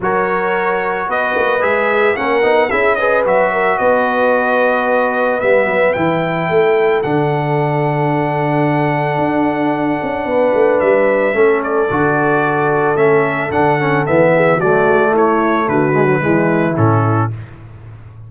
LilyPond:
<<
  \new Staff \with { instrumentName = "trumpet" } { \time 4/4 \tempo 4 = 111 cis''2 dis''4 e''4 | fis''4 e''8 dis''8 e''4 dis''4~ | dis''2 e''4 g''4~ | g''4 fis''2.~ |
fis''1 | e''4. d''2~ d''8 | e''4 fis''4 e''4 d''4 | cis''4 b'2 a'4 | }
  \new Staff \with { instrumentName = "horn" } { \time 4/4 ais'2 b'2 | ais'4 gis'8 b'4 ais'8 b'4~ | b'1 | a'1~ |
a'2. b'4~ | b'4 a'2.~ | a'2~ a'8 gis'8 fis'4 | e'4 fis'4 e'2 | }
  \new Staff \with { instrumentName = "trombone" } { \time 4/4 fis'2. gis'4 | cis'8 dis'8 e'8 gis'8 fis'2~ | fis'2 b4 e'4~ | e'4 d'2.~ |
d'1~ | d'4 cis'4 fis'2 | cis'4 d'8 cis'8 b4 a4~ | a4. gis16 fis16 gis4 cis'4 | }
  \new Staff \with { instrumentName = "tuba" } { \time 4/4 fis2 b8 ais8 gis4 | ais8 b8 cis'4 fis4 b4~ | b2 g8 fis8 e4 | a4 d2.~ |
d4 d'4. cis'8 b8 a8 | g4 a4 d2 | a4 d4 e4 fis8 gis8 | a4 d4 e4 a,4 | }
>>